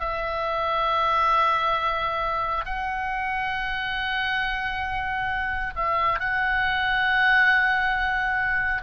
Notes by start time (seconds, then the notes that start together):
0.00 E5
2.65 F#5
5.76 E5
6.19 F#5